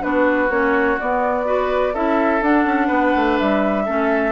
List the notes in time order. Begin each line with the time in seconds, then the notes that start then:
0.00 B3 D4 F#4 B4
0.49 A#3 C#4 C#5
0.99 B3 D5
1.45 F#4 B4
1.93 C#4 E4 A4 E5
2.41 D4 F#5
2.64 C#4
2.87 B3 B4
3.15 A3
3.39 G3 E5
3.85 A3 C#4 A4